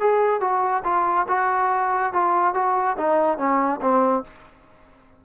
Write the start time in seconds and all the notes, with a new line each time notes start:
0.00 G#4
0.41 F#4
0.84 F4
1.29 F#4
2.13 F4
2.54 F#4
2.98 D#4
3.38 C#4
3.82 C4